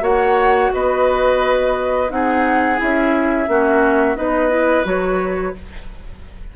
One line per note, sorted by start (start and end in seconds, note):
0.00 0.70 A#3
0.00 2.07 F#4
0.00 0.71 C#5
0.00 0.73 F#5
0.73 2.10 B3
0.73 2.11 B4
0.73 2.10 D#5
2.09 2.79 C4
2.09 2.77 D#4
2.09 3.49 G#4
2.09 2.79 F#5
2.77 3.47 C#4
2.77 3.46 E4
2.77 4.16 E5
3.47 4.16 A#3
3.47 4.16 C#4
3.47 4.17 F#4
4.16 4.84 B3
4.16 4.49 D#4
4.16 5.55 B4
4.16 4.85 D#5
4.49 4.84 E4
4.84 5.53 F#3
4.84 5.53 F#4
4.84 5.56 C#5